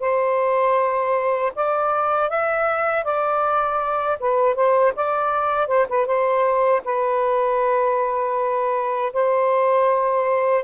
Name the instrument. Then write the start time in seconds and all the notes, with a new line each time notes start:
saxophone
0.00 C5
1.55 D5
2.29 E5
3.04 D5
4.19 B4
4.55 C5
4.96 D5
5.67 C5
5.89 B4
6.06 C5
6.84 B4
9.13 C5